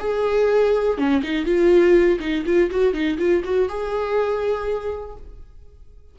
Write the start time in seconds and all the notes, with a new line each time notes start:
0.00 G#4
0.98 C#4
1.23 D#4
1.46 F4
2.20 D#4
2.46 F4
2.71 F#4
2.94 D#4
3.19 F4
3.45 F#4
3.69 G#4